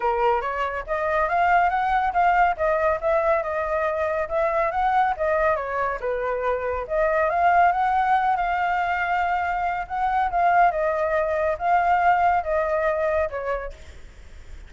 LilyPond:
\new Staff \with { instrumentName = "flute" } { \time 4/4 \tempo 4 = 140 ais'4 cis''4 dis''4 f''4 | fis''4 f''4 dis''4 e''4 | dis''2 e''4 fis''4 | dis''4 cis''4 b'2 |
dis''4 f''4 fis''4. f''8~ | f''2. fis''4 | f''4 dis''2 f''4~ | f''4 dis''2 cis''4 | }